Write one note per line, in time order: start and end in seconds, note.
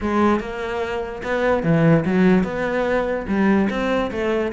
0.00 0.40 G#3
0.40 1.22 A#3
1.23 1.63 B3
1.63 2.04 E3
2.05 2.43 F#3
2.43 3.26 B3
3.27 3.68 G3
3.69 4.11 C4
4.11 4.52 A3